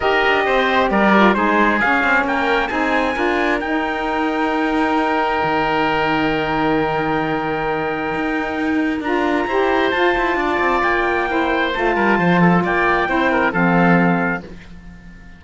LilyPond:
<<
  \new Staff \with { instrumentName = "trumpet" } { \time 4/4 \tempo 4 = 133 dis''2 d''4 c''4 | f''4 g''4 gis''2 | g''1~ | g''1~ |
g''1 | ais''2 a''2 | g''2 a''2 | g''2 f''2 | }
  \new Staff \with { instrumentName = "oboe" } { \time 4/4 ais'4 c''4 ais'4 gis'4~ | gis'4 ais'4 gis'4 ais'4~ | ais'1~ | ais'1~ |
ais'1~ | ais'4 c''2 d''4~ | d''4 c''4. ais'8 c''8 a'8 | d''4 c''8 ais'8 a'2 | }
  \new Staff \with { instrumentName = "saxophone" } { \time 4/4 g'2~ g'8 f'8 dis'4 | cis'2 dis'4 f'4 | dis'1~ | dis'1~ |
dis'1 | f'4 g'4 f'2~ | f'4 e'4 f'2~ | f'4 e'4 c'2 | }
  \new Staff \with { instrumentName = "cello" } { \time 4/4 dis'8 d'8 c'4 g4 gis4 | cis'8 c'8 ais4 c'4 d'4 | dis'1 | dis1~ |
dis2 dis'2 | d'4 e'4 f'8 e'8 d'8 c'8 | ais2 a8 g8 f4 | ais4 c'4 f2 | }
>>